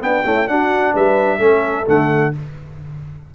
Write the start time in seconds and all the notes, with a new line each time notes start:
0.00 B3 D4 G5
0.25 A3 C#4 E4
0.47 D4 F#4 F#5
0.93 G3 B4 E5
1.38 A3 C#4 A4
1.86 D3 A3 F#5